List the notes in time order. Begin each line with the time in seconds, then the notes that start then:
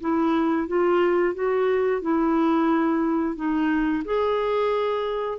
0.00 E4
0.67 F4
1.34 F#4
2.01 E4
3.35 D#4
4.04 G#4